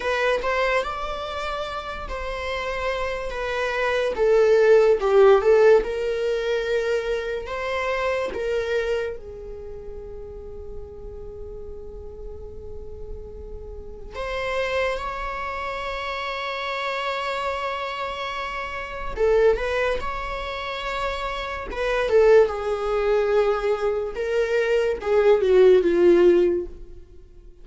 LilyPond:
\new Staff \with { instrumentName = "viola" } { \time 4/4 \tempo 4 = 72 b'8 c''8 d''4. c''4. | b'4 a'4 g'8 a'8 ais'4~ | ais'4 c''4 ais'4 gis'4~ | gis'1~ |
gis'4 c''4 cis''2~ | cis''2. a'8 b'8 | cis''2 b'8 a'8 gis'4~ | gis'4 ais'4 gis'8 fis'8 f'4 | }